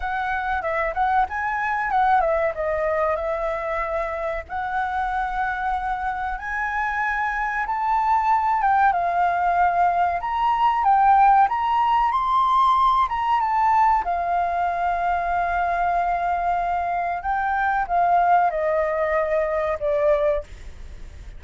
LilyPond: \new Staff \with { instrumentName = "flute" } { \time 4/4 \tempo 4 = 94 fis''4 e''8 fis''8 gis''4 fis''8 e''8 | dis''4 e''2 fis''4~ | fis''2 gis''2 | a''4. g''8 f''2 |
ais''4 g''4 ais''4 c'''4~ | c'''8 ais''8 a''4 f''2~ | f''2. g''4 | f''4 dis''2 d''4 | }